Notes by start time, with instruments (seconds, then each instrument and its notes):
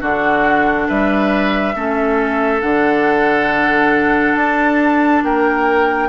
0.00 bassoon D3, clarinet D4, oboe F#4, flute F#5
0.87 bassoon G3, oboe B4, flute E5
1.74 bassoon A3, clarinet C#4, oboe A4
2.61 bassoon D3, clarinet D4, flute F#5
4.35 bassoon D4, flute A5
5.22 bassoon A#3, oboe A#4, flute G5